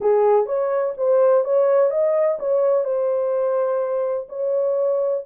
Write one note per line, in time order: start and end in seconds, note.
0.00 0.46 G#4
0.46 0.93 C#5
0.97 1.44 C5
1.44 1.90 C#5
1.90 2.38 D#5
2.39 2.84 C#5
2.84 4.27 C5
4.28 5.24 C#5